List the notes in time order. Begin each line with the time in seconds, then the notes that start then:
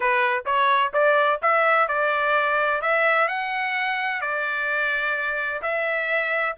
0.00 B4
0.45 C#5
0.93 D5
1.41 E5
1.88 D5
2.81 E5
3.28 F#5
4.21 D5
5.61 E5